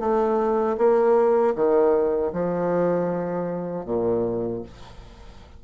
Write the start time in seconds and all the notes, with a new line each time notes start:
0.00 A3
0.78 A#3
1.56 D#3
2.33 F3
3.86 A#2